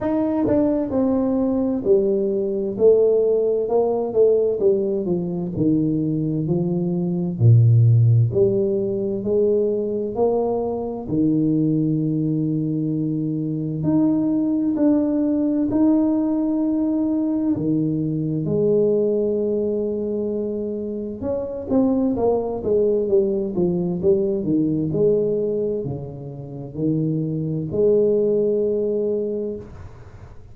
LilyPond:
\new Staff \with { instrumentName = "tuba" } { \time 4/4 \tempo 4 = 65 dis'8 d'8 c'4 g4 a4 | ais8 a8 g8 f8 dis4 f4 | ais,4 g4 gis4 ais4 | dis2. dis'4 |
d'4 dis'2 dis4 | gis2. cis'8 c'8 | ais8 gis8 g8 f8 g8 dis8 gis4 | cis4 dis4 gis2 | }